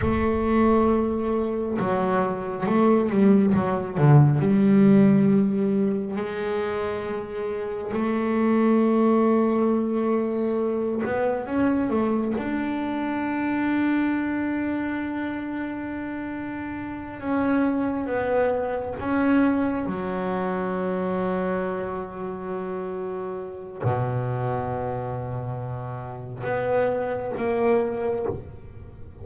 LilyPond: \new Staff \with { instrumentName = "double bass" } { \time 4/4 \tempo 4 = 68 a2 fis4 a8 g8 | fis8 d8 g2 gis4~ | gis4 a2.~ | a8 b8 cis'8 a8 d'2~ |
d'2.~ d'8 cis'8~ | cis'8 b4 cis'4 fis4.~ | fis2. b,4~ | b,2 b4 ais4 | }